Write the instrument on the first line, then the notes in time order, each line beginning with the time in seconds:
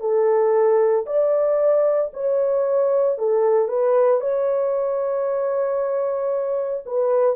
horn
0.00 A4
1.06 D5
2.13 C#5
3.18 A4
3.68 B4
4.21 C#5
6.86 B4